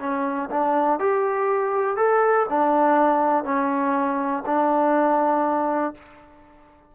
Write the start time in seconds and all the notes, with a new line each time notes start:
0.00 C#4
0.50 D4
1.00 G4
1.97 A4
2.49 D4
3.44 C#4
4.46 D4